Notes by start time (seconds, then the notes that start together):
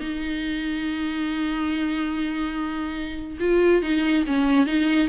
0.00 D#4
3.40 F4
3.82 D#4
4.27 C#4
4.66 D#4